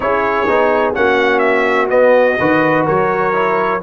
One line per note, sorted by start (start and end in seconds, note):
0.00 0.46 C#4
0.00 0.46 E4
0.00 0.97 G#4
0.00 0.93 C#5
0.47 0.94 B3
0.47 0.94 D#4
0.94 1.90 A#3
0.94 1.89 C#4
0.94 2.38 F#4
0.94 1.38 F#5
1.38 1.86 E5
1.89 2.36 B3
1.89 2.38 B3
1.89 2.85 D#5
2.38 2.87 D#3
2.38 3.33 F#4
2.38 2.85 B4
2.85 3.82 F#3
2.85 3.80 A#4
2.85 3.82 C#5
3.33 3.80 E4